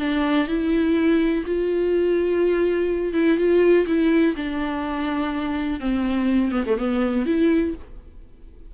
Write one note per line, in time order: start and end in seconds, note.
0.00 0.48 D4
0.48 1.45 E4
1.46 3.14 F4
3.14 3.38 E4
3.38 3.86 F4
3.87 4.35 E4
4.37 5.81 D4
5.81 6.52 C4
6.52 6.64 B3
6.66 6.78 A3
6.78 7.26 B3
7.26 7.75 E4